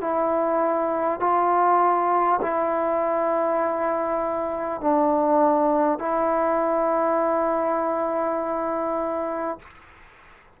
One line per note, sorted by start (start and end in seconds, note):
0.00 1.20 E4
1.20 2.40 F4
2.41 4.80 E4
4.80 5.98 D4
5.98 9.58 E4